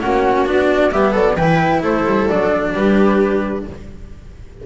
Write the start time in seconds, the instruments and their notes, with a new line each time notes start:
0.00 double bass A#3, cello C#4, viola F#4, flute F#5
0.45 double bass B3, cello D4, flute D5
0.91 double bass G3, cello B3, viola G4, flute E5
1.11 double bass F#3, viola A4, flute D5
1.36 double bass E3, cello E4, viola B4, flute G5
1.82 double bass A3, viola A4, flute C5
2.05 double bass G3
2.28 double bass F#3, cello D4, flute D5
2.72 double bass G3, viola G4, flute B4